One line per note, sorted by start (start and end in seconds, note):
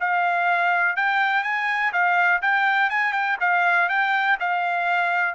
0.00 0.96 F5
0.96 1.43 G5
1.43 1.92 G#5
1.92 2.41 F5
2.42 2.89 G5
2.89 3.12 G#5
3.12 3.37 G5
3.40 3.89 F5
3.89 4.38 G5
4.40 5.34 F5